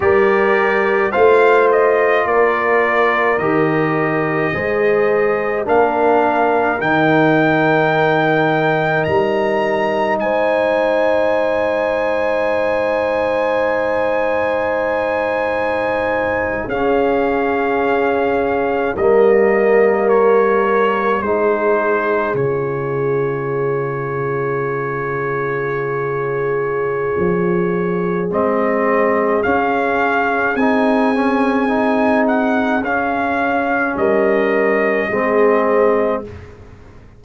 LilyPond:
<<
  \new Staff \with { instrumentName = "trumpet" } { \time 4/4 \tempo 4 = 53 d''4 f''8 dis''8 d''4 dis''4~ | dis''4 f''4 g''2 | ais''4 gis''2.~ | gis''2~ gis''8. f''4~ f''16~ |
f''8. dis''4 cis''4 c''4 cis''16~ | cis''1~ | cis''4 dis''4 f''4 gis''4~ | gis''8 fis''8 f''4 dis''2 | }
  \new Staff \with { instrumentName = "horn" } { \time 4/4 ais'4 c''4 ais'2 | c''4 ais'2.~ | ais'4 c''2.~ | c''2~ c''8. gis'4~ gis'16~ |
gis'8. ais'2 gis'4~ gis'16~ | gis'1~ | gis'1~ | gis'2 ais'4 gis'4 | }
  \new Staff \with { instrumentName = "trombone" } { \time 4/4 g'4 f'2 g'4 | gis'4 d'4 dis'2~ | dis'1~ | dis'2~ dis'8. cis'4~ cis'16~ |
cis'8. ais2 dis'4 f'16~ | f'1~ | f'4 c'4 cis'4 dis'8 cis'8 | dis'4 cis'2 c'4 | }
  \new Staff \with { instrumentName = "tuba" } { \time 4/4 g4 a4 ais4 dis4 | gis4 ais4 dis2 | g4 gis2.~ | gis2~ gis8. cis'4~ cis'16~ |
cis'8. g2 gis4 cis16~ | cis1 | f4 gis4 cis'4 c'4~ | c'4 cis'4 g4 gis4 | }
>>